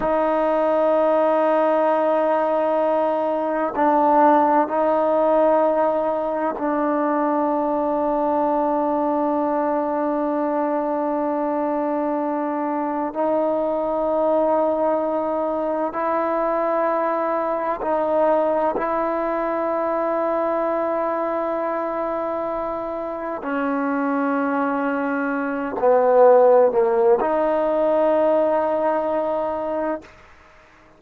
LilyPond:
\new Staff \with { instrumentName = "trombone" } { \time 4/4 \tempo 4 = 64 dis'1 | d'4 dis'2 d'4~ | d'1~ | d'2 dis'2~ |
dis'4 e'2 dis'4 | e'1~ | e'4 cis'2~ cis'8 b8~ | b8 ais8 dis'2. | }